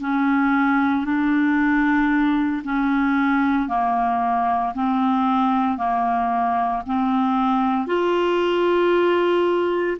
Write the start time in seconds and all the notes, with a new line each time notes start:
0.00 C#4
1.04 D4
2.64 C#4
3.68 A#3
4.75 C4
5.78 A#3
6.86 C4
7.87 F4